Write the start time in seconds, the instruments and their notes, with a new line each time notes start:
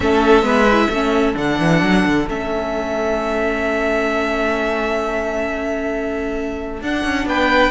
0.00 cello A3, viola C#4, violin A4 E5
0.42 cello G#3, viola B3, violin B4
0.71 viola E4
0.88 cello A3, viola C#4, violin A4
1.34 cello D3, viola D4, violin F#5
1.59 cello E3
1.82 cello F#3
2.05 cello D3
2.28 cello A3, viola C#4, violin E5
6.81 cello D4, viola D4, violin F#5
7.04 cello C#4
7.25 cello B3, violin B4 G5